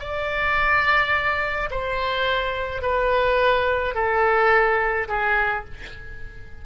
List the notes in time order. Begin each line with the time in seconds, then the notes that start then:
0.00 D5
1.71 C5
2.82 B4
3.95 A4
5.08 G#4